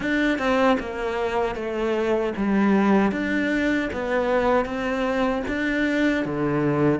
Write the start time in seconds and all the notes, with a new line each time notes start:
0.00 D4
0.38 C4
0.79 A#3
1.55 A3
2.37 G3
3.11 D4
3.92 B3
4.65 C4
5.47 D4
6.25 D3